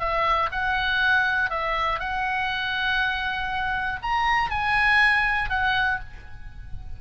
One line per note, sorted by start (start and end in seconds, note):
0.00 0.50 E5
0.52 1.50 F#5
1.50 2.00 E5
2.00 4.00 F#5
4.03 4.51 A#5
4.51 5.50 G#5
5.50 6.00 F#5